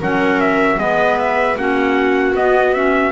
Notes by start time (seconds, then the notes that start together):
0.00 F#3 C#4 A#4 F#5
0.41 E5
0.78 G#3 B3 B4 D#5
1.19 E5
1.56 A#3 C#4 F#4 F#5
2.35 B3 D#5
2.74 C#4 E5